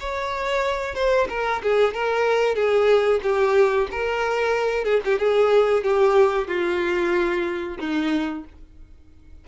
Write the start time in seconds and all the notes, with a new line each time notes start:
0.00 C#5
0.95 C5
1.30 A#4
1.63 G#4
1.94 A#4
2.55 G#4
3.23 G4
3.91 A#4
4.84 G#4
5.05 G4
5.19 G#4
5.84 G4
6.48 F4
7.79 D#4